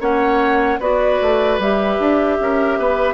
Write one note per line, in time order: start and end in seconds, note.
0.00 0.79 A#3
0.00 0.79 C#4
0.00 0.79 C#5
0.00 0.80 F#5
0.79 1.19 B3
0.79 1.60 F#4
0.79 2.37 B4
0.79 1.60 D5
1.21 1.58 A3
1.58 1.98 G3
1.58 3.14 G4
1.58 3.14 E5
1.99 2.39 D4
2.40 2.78 C#4
2.40 2.79 A#4
2.78 3.14 B3
2.78 3.14 B4